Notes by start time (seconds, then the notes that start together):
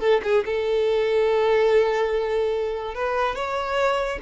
0.00 A4
0.23 G#4
0.46 A4
2.95 B4
3.35 C#5